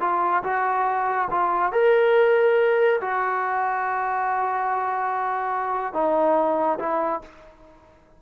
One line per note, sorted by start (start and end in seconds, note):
0.00 0.43 F4
0.43 1.28 F#4
1.30 1.72 F4
1.72 3.00 A#4
3.01 5.93 F#4
5.93 6.78 D#4
6.79 7.21 E4